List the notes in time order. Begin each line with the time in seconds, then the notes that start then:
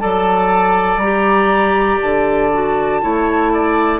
0.00 F#3 A4 D5 A5
0.97 G3 G4 A#5
2.01 D3 A5
2.53 F#4
3.02 A3 E4 C#5
3.53 D5